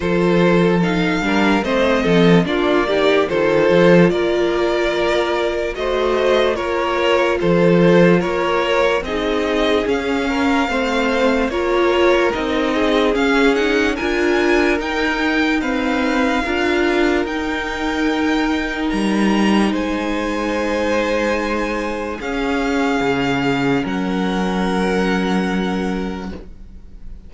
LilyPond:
<<
  \new Staff \with { instrumentName = "violin" } { \time 4/4 \tempo 4 = 73 c''4 f''4 dis''4 d''4 | c''4 d''2 dis''4 | cis''4 c''4 cis''4 dis''4 | f''2 cis''4 dis''4 |
f''8 fis''8 gis''4 g''4 f''4~ | f''4 g''2 ais''4 | gis''2. f''4~ | f''4 fis''2. | }
  \new Staff \with { instrumentName = "violin" } { \time 4/4 a'4. ais'8 c''8 a'8 f'8 g'8 | a'4 ais'2 c''4 | ais'4 a'4 ais'4 gis'4~ | gis'8 ais'8 c''4 ais'4. gis'8~ |
gis'4 ais'2 b'4 | ais'1 | c''2. gis'4~ | gis'4 ais'2. | }
  \new Staff \with { instrumentName = "viola" } { \time 4/4 f'4 dis'8 d'8 c'4 d'8 dis'8 | f'2. fis'4 | f'2. dis'4 | cis'4 c'4 f'4 dis'4 |
cis'8 dis'8 f'4 dis'4 c'4 | f'4 dis'2.~ | dis'2. cis'4~ | cis'1 | }
  \new Staff \with { instrumentName = "cello" } { \time 4/4 f4. g8 a8 f8 ais4 | dis8 f8 ais2 a4 | ais4 f4 ais4 c'4 | cis'4 a4 ais4 c'4 |
cis'4 d'4 dis'2 | d'4 dis'2 g4 | gis2. cis'4 | cis4 fis2. | }
>>